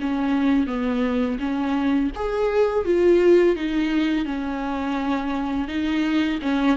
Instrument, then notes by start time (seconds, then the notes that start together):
viola
0.00 C#4
0.67 B3
1.39 C#4
2.15 G#4
2.85 F4
3.56 D#4
4.25 C#4
5.68 D#4
6.42 C#4